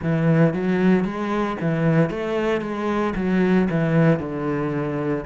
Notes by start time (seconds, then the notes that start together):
0.02 E3
0.53 F#3
1.04 G#3
1.60 E3
2.10 A3
2.61 G#3
3.15 F#3
3.69 E3
4.19 D3